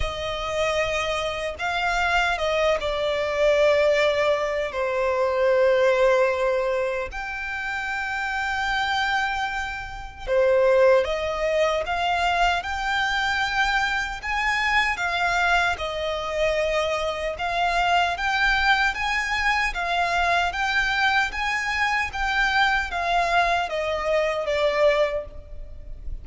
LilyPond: \new Staff \with { instrumentName = "violin" } { \time 4/4 \tempo 4 = 76 dis''2 f''4 dis''8 d''8~ | d''2 c''2~ | c''4 g''2.~ | g''4 c''4 dis''4 f''4 |
g''2 gis''4 f''4 | dis''2 f''4 g''4 | gis''4 f''4 g''4 gis''4 | g''4 f''4 dis''4 d''4 | }